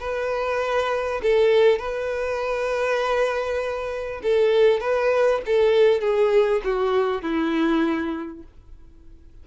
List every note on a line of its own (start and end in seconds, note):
0.00 1.21 B4
1.22 1.79 A4
1.79 4.21 B4
4.23 4.80 A4
4.80 5.41 B4
5.46 6.01 A4
6.01 6.61 G#4
6.64 7.22 F#4
7.22 8.43 E4